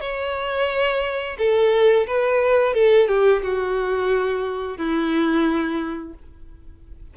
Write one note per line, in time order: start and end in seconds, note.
0.00 1.36 C#5
1.38 2.06 A4
2.06 2.73 B4
2.73 3.07 A4
3.08 3.42 G4
3.42 4.77 F#4
4.77 6.13 E4